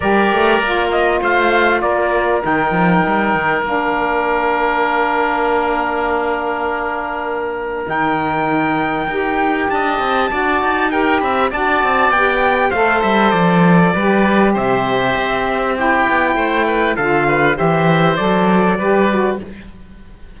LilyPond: <<
  \new Staff \with { instrumentName = "trumpet" } { \time 4/4 \tempo 4 = 99 d''4. dis''8 f''4 d''4 | g''2 f''2~ | f''1~ | f''4 g''2. |
a''2 g''8 b''8 a''4 | g''4 f''8 e''8 d''2 | e''2 g''2 | f''4 e''4 d''2 | }
  \new Staff \with { instrumentName = "oboe" } { \time 4/4 ais'2 c''4 ais'4~ | ais'1~ | ais'1~ | ais'1 |
dis''4 d''4 ais'8 e''8 d''4~ | d''4 c''2 b'4 | c''2 g'4 c''8 b'8 | a'8 b'8 c''2 b'4 | }
  \new Staff \with { instrumentName = "saxophone" } { \time 4/4 g'4 f'2. | dis'2 d'2~ | d'1~ | d'4 dis'2 g'4~ |
g'4 fis'4 g'4 fis'4 | g'4 a'2 g'4~ | g'2 e'2 | f'4 g'4 a'4 g'8 fis'8 | }
  \new Staff \with { instrumentName = "cello" } { \time 4/4 g8 a8 ais4 a4 ais4 | dis8 f8 g8 dis8 ais2~ | ais1~ | ais4 dis2 dis'4 |
d'8 c'8 d'8 dis'4 c'8 d'8 c'8 | b4 a8 g8 f4 g4 | c4 c'4. b8 a4 | d4 e4 fis4 g4 | }
>>